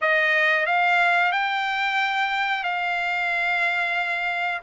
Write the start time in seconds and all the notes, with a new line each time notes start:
0.01 D#5
0.66 F5
1.32 G5
2.63 F5